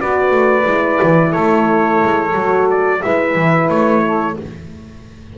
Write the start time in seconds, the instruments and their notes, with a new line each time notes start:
0.00 double bass B3, horn F#4, saxophone B4, trumpet D5
0.31 double bass A3
0.63 double bass G#3, horn E4
1.03 double bass E3
1.29 double bass A3, saxophone A4, trumpet C#5
2.03 double bass G#3
2.34 double bass F#3, horn F#4
2.71 trumpet D5
3.01 double bass G#3, horn E4, saxophone B4, trumpet E5
3.35 double bass E3
3.69 double bass A3, trumpet C#5
4.03 saxophone A4